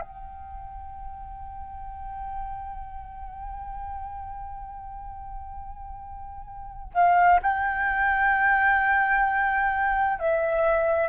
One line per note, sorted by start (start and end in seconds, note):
0.00 6.92 G5
6.94 7.40 F5
7.42 10.19 G5
10.19 11.09 E5